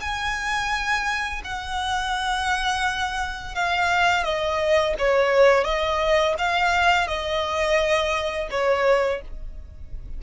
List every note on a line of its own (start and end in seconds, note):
0.00 1.41 G#5
1.44 3.55 F#5
3.55 4.23 F5
4.23 4.94 D#5
4.98 5.64 C#5
5.64 6.34 D#5
6.38 7.07 F5
7.07 8.48 D#5
8.50 9.21 C#5